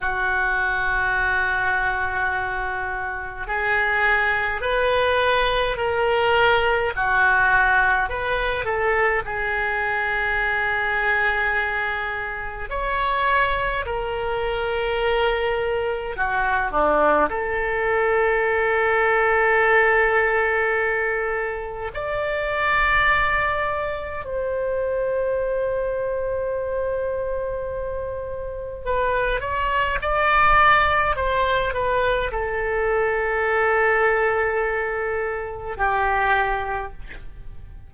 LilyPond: \new Staff \with { instrumentName = "oboe" } { \time 4/4 \tempo 4 = 52 fis'2. gis'4 | b'4 ais'4 fis'4 b'8 a'8 | gis'2. cis''4 | ais'2 fis'8 d'8 a'4~ |
a'2. d''4~ | d''4 c''2.~ | c''4 b'8 cis''8 d''4 c''8 b'8 | a'2. g'4 | }